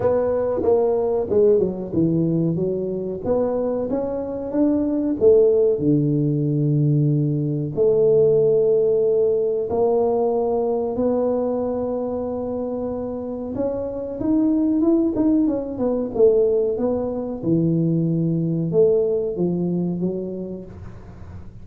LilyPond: \new Staff \with { instrumentName = "tuba" } { \time 4/4 \tempo 4 = 93 b4 ais4 gis8 fis8 e4 | fis4 b4 cis'4 d'4 | a4 d2. | a2. ais4~ |
ais4 b2.~ | b4 cis'4 dis'4 e'8 dis'8 | cis'8 b8 a4 b4 e4~ | e4 a4 f4 fis4 | }